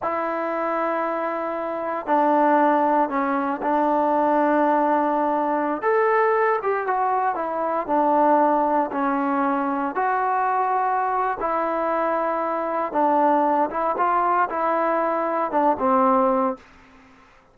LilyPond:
\new Staff \with { instrumentName = "trombone" } { \time 4/4 \tempo 4 = 116 e'1 | d'2 cis'4 d'4~ | d'2.~ d'16 a'8.~ | a'8. g'8 fis'4 e'4 d'8.~ |
d'4~ d'16 cis'2 fis'8.~ | fis'2 e'2~ | e'4 d'4. e'8 f'4 | e'2 d'8 c'4. | }